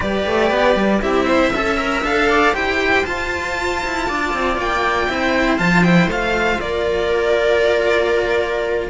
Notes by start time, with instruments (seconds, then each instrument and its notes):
0.00 cello G3 G4, viola B4, violin D5
0.26 cello A3
0.50 cello B3
0.75 cello G3
1.01 cello C4 E4, viola G4, violin E5
1.26 viola C5
1.52 cello C#4 A4, viola E5
1.77 cello A#4
2.02 cello D4 A4, violin F5
2.29 viola D5
2.53 cello E4 G4, viola C5, violin G5
3.05 cello F4, violin A5
3.84 cello E4
4.07 cello D4, viola D5
4.33 cello C4
4.57 cello A#3, violin G5
5.08 cello C4 E4, viola C5
5.58 cello F3 F4, violin A5
5.83 cello E4, violin G5
6.07 cello A3 F4, violin F5
6.60 cello A#3, viola A#4, violin D5